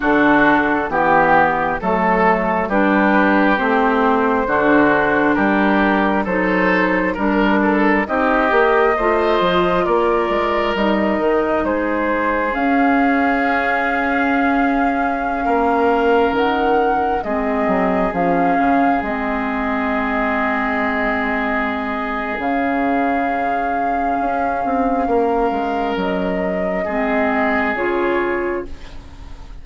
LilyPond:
<<
  \new Staff \with { instrumentName = "flute" } { \time 4/4 \tempo 4 = 67 a'4 g'4 a'4 b'4 | c''2 ais'4 c''4 | ais'4 dis''2 d''4 | dis''4 c''4 f''2~ |
f''2~ f''16 fis''4 dis''8.~ | dis''16 f''4 dis''2~ dis''8.~ | dis''4 f''2.~ | f''4 dis''2 cis''4 | }
  \new Staff \with { instrumentName = "oboe" } { \time 4/4 fis'4 g'4 a'4 g'4~ | g'4 fis'4 g'4 a'4 | ais'8 a'8 g'4 c''4 ais'4~ | ais'4 gis'2.~ |
gis'4~ gis'16 ais'2 gis'8.~ | gis'1~ | gis'1 | ais'2 gis'2 | }
  \new Staff \with { instrumentName = "clarinet" } { \time 4/4 d'4 b4 a4 d'4 | c'4 d'2 dis'4 | d'4 dis'8 g'8 f'2 | dis'2 cis'2~ |
cis'2.~ cis'16 c'8.~ | c'16 cis'4 c'2~ c'8.~ | c'4 cis'2.~ | cis'2 c'4 f'4 | }
  \new Staff \with { instrumentName = "bassoon" } { \time 4/4 d4 e4 fis4 g4 | a4 d4 g4 fis4 | g4 c'8 ais8 a8 f8 ais8 gis8 | g8 dis8 gis4 cis'2~ |
cis'4~ cis'16 ais4 dis4 gis8 fis16~ | fis16 f8 cis8 gis2~ gis8.~ | gis4 cis2 cis'8 c'8 | ais8 gis8 fis4 gis4 cis4 | }
>>